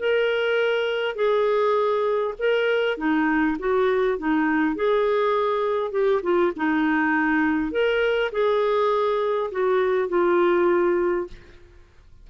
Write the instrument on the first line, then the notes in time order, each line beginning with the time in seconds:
clarinet
0.00 A#4
1.16 G#4
2.39 A#4
2.98 D#4
3.59 F#4
4.19 D#4
4.76 G#4
5.92 G4
6.23 F4
6.57 D#4
7.72 A#4
8.32 G#4
9.52 F#4
10.09 F4